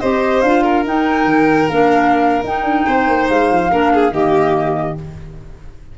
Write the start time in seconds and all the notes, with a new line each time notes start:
0.00 C4 G4 C5 D#5
0.42 D4 F4 F5
0.63 A#4
0.85 D#4 G5
1.25 D#3
1.69 A#3 D4 F5
2.44 D#4 G5
2.63 D4
2.86 C4 C5
3.08 A#3
3.29 G#3 F5
3.51 F3
3.71 A#3 D4 A#4
3.94 G#4
4.11 D#3 A#3 G4 D#5